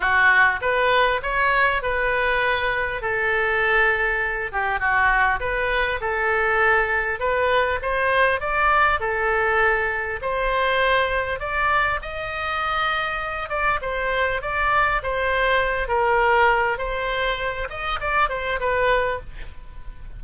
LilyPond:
\new Staff \with { instrumentName = "oboe" } { \time 4/4 \tempo 4 = 100 fis'4 b'4 cis''4 b'4~ | b'4 a'2~ a'8 g'8 | fis'4 b'4 a'2 | b'4 c''4 d''4 a'4~ |
a'4 c''2 d''4 | dis''2~ dis''8 d''8 c''4 | d''4 c''4. ais'4. | c''4. dis''8 d''8 c''8 b'4 | }